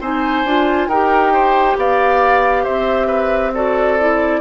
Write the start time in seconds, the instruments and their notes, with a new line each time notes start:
0.00 bassoon C4, clarinet D#4, oboe C5, flute G#5
0.44 bassoon D4, clarinet F4
0.87 bassoon D#4, clarinet G4, oboe A#4, flute G5
1.32 oboe C5
1.77 bassoon B3, oboe D5, flute F5
2.63 bassoon C4, oboe C5, flute E5
3.07 oboe B4
3.54 clarinet F#4, oboe A4, flute D5
3.98 clarinet E4